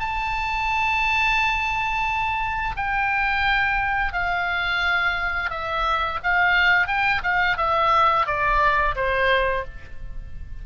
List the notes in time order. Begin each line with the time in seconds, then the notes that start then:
0.00 A5
2.76 G5
4.13 F5
5.50 E5
6.23 F5
6.87 G5
7.23 F5
7.58 E5
8.26 D5
8.96 C5